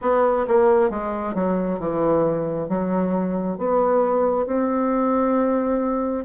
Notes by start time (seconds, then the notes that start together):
0.01 B3
0.47 A#3
0.90 G#3
1.34 F#3
1.79 E3
2.68 F#3
3.58 B3
4.46 C4